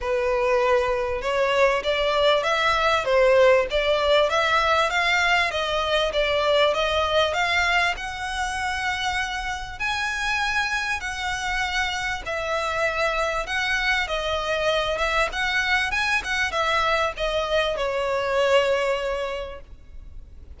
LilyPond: \new Staff \with { instrumentName = "violin" } { \time 4/4 \tempo 4 = 98 b'2 cis''4 d''4 | e''4 c''4 d''4 e''4 | f''4 dis''4 d''4 dis''4 | f''4 fis''2. |
gis''2 fis''2 | e''2 fis''4 dis''4~ | dis''8 e''8 fis''4 gis''8 fis''8 e''4 | dis''4 cis''2. | }